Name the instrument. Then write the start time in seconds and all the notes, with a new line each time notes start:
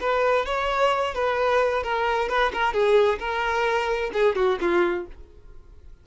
violin
0.00 B4
0.45 C#5
1.14 B4
1.83 A#4
2.29 B4
2.53 A#4
2.73 G#4
3.19 A#4
4.13 G#4
4.35 F#4
4.61 F4